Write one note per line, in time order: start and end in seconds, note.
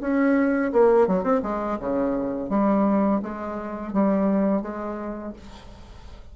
0.00 0.71 C#4
0.72 1.07 A#3
1.07 1.23 F#3
1.23 1.41 C4
1.42 1.78 G#3
1.79 2.49 C#3
2.49 3.20 G3
3.22 3.93 G#3
3.93 4.61 G3
4.61 5.33 G#3